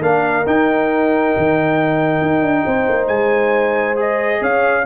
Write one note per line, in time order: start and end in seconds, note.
0.00 0.44 A#3
0.00 0.45 D4
0.00 2.65 A#4
0.00 0.46 F5
0.46 1.34 D#4
0.46 3.95 D#4
0.46 3.07 G5
1.37 2.21 D#3
2.21 2.41 D#4
2.41 2.64 D4
2.65 2.88 C4
2.65 4.41 C5
2.89 3.08 A#3
3.07 4.40 G#3
3.07 3.95 G#5
3.95 4.83 G#4
3.95 4.43 D#5
4.41 4.85 C#4
4.41 4.86 C#5
4.41 4.86 F5